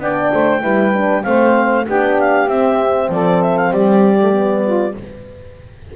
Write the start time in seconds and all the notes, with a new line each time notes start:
0.00 B3 D4 D5 G5
0.33 A3 C5
0.61 G3 E4 B4
0.94 D4
1.23 A3 C4 C5 F5
1.85 B3 D4 G4 G5
2.20 F5
2.48 C4 E5
3.09 F3 A4 D5
3.43 E5
3.57 F5
3.71 G3 G4 D5
4.21 A3
4.32 B3
4.64 F4